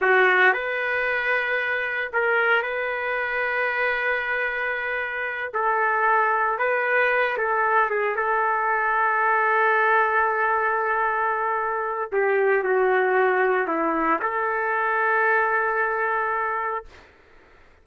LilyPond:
\new Staff \with { instrumentName = "trumpet" } { \time 4/4 \tempo 4 = 114 fis'4 b'2. | ais'4 b'2.~ | b'2~ b'8 a'4.~ | a'8 b'4. a'4 gis'8 a'8~ |
a'1~ | a'2. g'4 | fis'2 e'4 a'4~ | a'1 | }